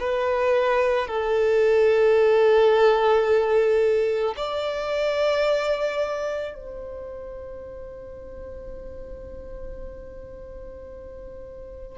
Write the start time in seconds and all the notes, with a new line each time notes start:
0.00 B4
1.08 A4
4.37 D5
6.55 C5